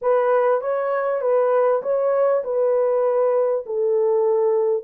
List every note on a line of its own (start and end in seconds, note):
0.01 0.61 B4
0.61 1.21 C#5
1.21 1.82 B4
1.82 2.43 C#5
2.44 3.65 B4
3.66 4.83 A4